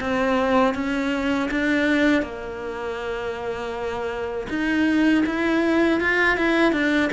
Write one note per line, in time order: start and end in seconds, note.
0.00 0.74 C4
0.74 1.49 C#4
1.50 2.22 D4
2.22 4.47 A#3
4.49 5.24 D#4
5.25 6.00 E4
6.00 6.37 F4
6.37 6.72 E4
6.72 7.09 D4